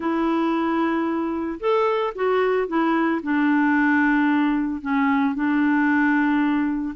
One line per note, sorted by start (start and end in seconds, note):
0.00 1.59 E4
1.59 2.13 A4
2.15 2.67 F#4
2.67 3.21 E4
3.22 4.81 D4
4.81 5.34 C#4
5.34 6.95 D4